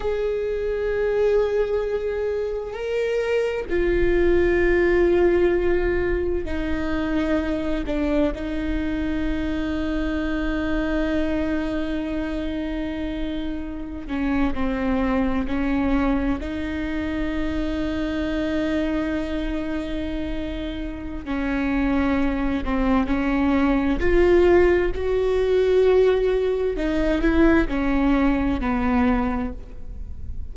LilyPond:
\new Staff \with { instrumentName = "viola" } { \time 4/4 \tempo 4 = 65 gis'2. ais'4 | f'2. dis'4~ | dis'8 d'8 dis'2.~ | dis'2.~ dis'16 cis'8 c'16~ |
c'8. cis'4 dis'2~ dis'16~ | dis'2. cis'4~ | cis'8 c'8 cis'4 f'4 fis'4~ | fis'4 dis'8 e'8 cis'4 b4 | }